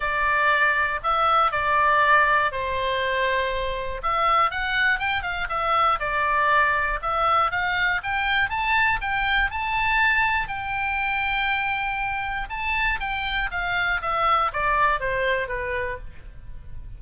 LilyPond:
\new Staff \with { instrumentName = "oboe" } { \time 4/4 \tempo 4 = 120 d''2 e''4 d''4~ | d''4 c''2. | e''4 fis''4 g''8 f''8 e''4 | d''2 e''4 f''4 |
g''4 a''4 g''4 a''4~ | a''4 g''2.~ | g''4 a''4 g''4 f''4 | e''4 d''4 c''4 b'4 | }